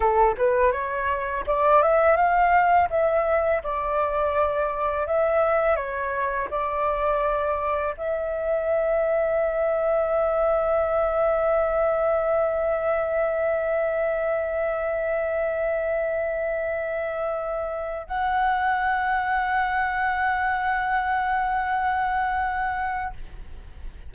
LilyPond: \new Staff \with { instrumentName = "flute" } { \time 4/4 \tempo 4 = 83 a'8 b'8 cis''4 d''8 e''8 f''4 | e''4 d''2 e''4 | cis''4 d''2 e''4~ | e''1~ |
e''1~ | e''1~ | e''4 fis''2.~ | fis''1 | }